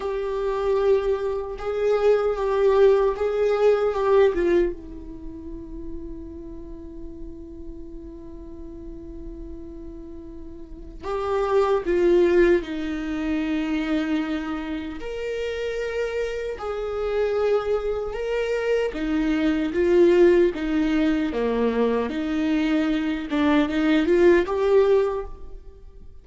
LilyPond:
\new Staff \with { instrumentName = "viola" } { \time 4/4 \tempo 4 = 76 g'2 gis'4 g'4 | gis'4 g'8 f'8 e'2~ | e'1~ | e'2 g'4 f'4 |
dis'2. ais'4~ | ais'4 gis'2 ais'4 | dis'4 f'4 dis'4 ais4 | dis'4. d'8 dis'8 f'8 g'4 | }